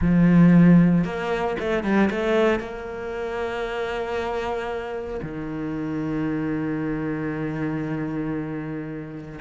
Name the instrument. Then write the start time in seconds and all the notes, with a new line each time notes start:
cello
0.01 F3
1.04 A#3
1.59 A3
1.83 G3
2.10 A3
2.59 A#3
5.22 D#3